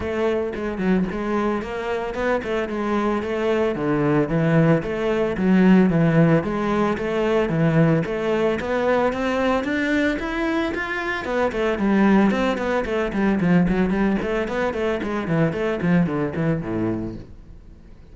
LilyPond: \new Staff \with { instrumentName = "cello" } { \time 4/4 \tempo 4 = 112 a4 gis8 fis8 gis4 ais4 | b8 a8 gis4 a4 d4 | e4 a4 fis4 e4 | gis4 a4 e4 a4 |
b4 c'4 d'4 e'4 | f'4 b8 a8 g4 c'8 b8 | a8 g8 f8 fis8 g8 a8 b8 a8 | gis8 e8 a8 f8 d8 e8 a,4 | }